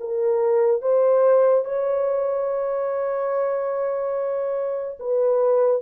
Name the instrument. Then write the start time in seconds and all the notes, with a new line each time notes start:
horn
0.00 A#4
0.81 C5
1.65 C#5
5.00 B4